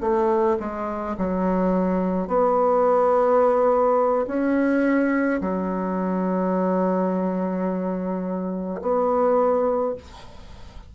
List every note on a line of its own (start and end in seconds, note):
0.00 0.57 A3
0.59 1.16 G#3
1.17 2.27 F#3
2.27 4.26 B3
4.27 5.40 C#4
5.40 8.80 F#3
8.81 9.94 B3